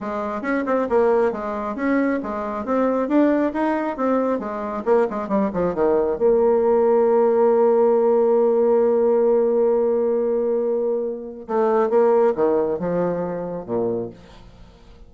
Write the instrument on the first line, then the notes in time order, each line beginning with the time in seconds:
bassoon
0.01 G#3
0.42 C#4
0.66 C4
0.89 A#3
1.32 G#3
1.75 C#4
2.22 G#3
2.65 C4
3.08 D4
3.53 D#4
3.96 C4
4.39 G#3
4.85 A#3
5.10 G#3
5.28 G3
5.53 F3
5.74 D#3
6.18 A#3
11.47 A3
11.89 A#3
12.35 D#3
12.79 F3
13.65 A#2